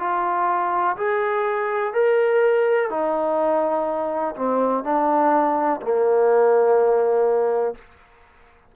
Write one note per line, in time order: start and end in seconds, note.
0.00 0.97 F4
0.97 1.94 G#4
1.94 2.90 A#4
2.90 4.35 D#4
4.36 4.84 C4
4.84 5.81 D4
5.82 7.76 A#3